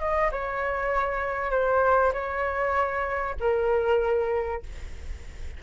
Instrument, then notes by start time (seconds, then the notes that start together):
flute
0.00 D#5
0.32 C#5
1.51 C5
2.13 C#5
3.41 A#4